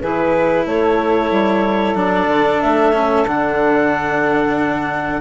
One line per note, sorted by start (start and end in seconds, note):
0.00 0.66 E3
0.00 1.95 E4
0.00 0.65 G#4
0.00 0.66 B4
0.66 1.31 A3
0.66 5.21 A4
0.66 1.97 C#5
1.31 1.95 G3
1.95 2.27 F#3
1.95 2.93 D4
1.95 2.61 D5
2.28 2.60 D3
2.61 3.26 A3
2.61 3.26 E5
2.93 3.25 C#4
3.26 5.21 D3
3.26 5.21 D4
3.26 5.21 F#5